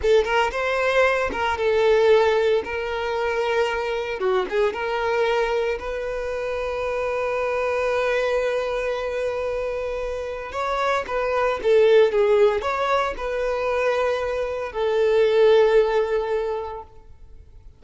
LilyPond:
\new Staff \with { instrumentName = "violin" } { \time 4/4 \tempo 4 = 114 a'8 ais'8 c''4. ais'8 a'4~ | a'4 ais'2. | fis'8 gis'8 ais'2 b'4~ | b'1~ |
b'1 | cis''4 b'4 a'4 gis'4 | cis''4 b'2. | a'1 | }